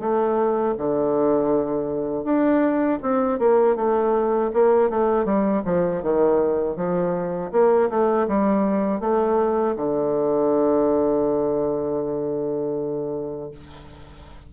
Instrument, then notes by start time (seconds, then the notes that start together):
bassoon
0.00 A3
0.78 D3
2.24 D4
3.03 C4
3.39 A#3
3.76 A3
4.54 A#3
4.90 A3
5.25 G3
5.66 F3
6.03 D#3
6.77 F3
7.52 A#3
7.90 A3
8.28 G3
9.01 A3
9.76 D3